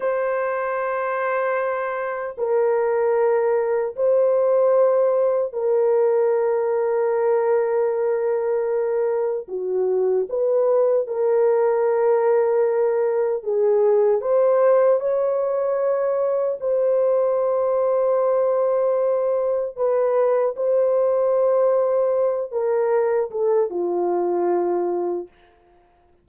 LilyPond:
\new Staff \with { instrumentName = "horn" } { \time 4/4 \tempo 4 = 76 c''2. ais'4~ | ais'4 c''2 ais'4~ | ais'1 | fis'4 b'4 ais'2~ |
ais'4 gis'4 c''4 cis''4~ | cis''4 c''2.~ | c''4 b'4 c''2~ | c''8 ais'4 a'8 f'2 | }